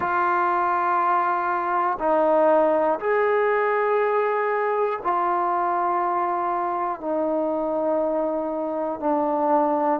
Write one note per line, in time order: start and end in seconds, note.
0.00 1.97 F4
1.99 2.99 D#4
2.99 4.99 G#4
5.03 7.00 F4
7.00 9.00 D#4
9.00 10.00 D4